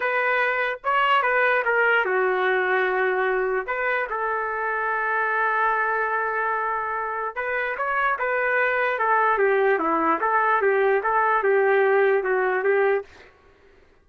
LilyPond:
\new Staff \with { instrumentName = "trumpet" } { \time 4/4 \tempo 4 = 147 b'2 cis''4 b'4 | ais'4 fis'2.~ | fis'4 b'4 a'2~ | a'1~ |
a'2 b'4 cis''4 | b'2 a'4 g'4 | e'4 a'4 g'4 a'4 | g'2 fis'4 g'4 | }